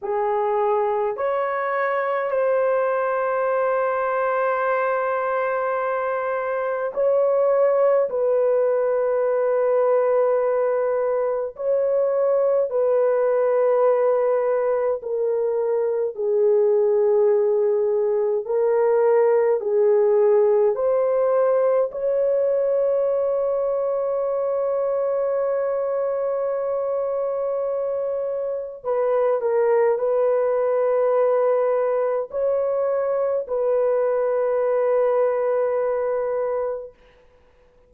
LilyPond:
\new Staff \with { instrumentName = "horn" } { \time 4/4 \tempo 4 = 52 gis'4 cis''4 c''2~ | c''2 cis''4 b'4~ | b'2 cis''4 b'4~ | b'4 ais'4 gis'2 |
ais'4 gis'4 c''4 cis''4~ | cis''1~ | cis''4 b'8 ais'8 b'2 | cis''4 b'2. | }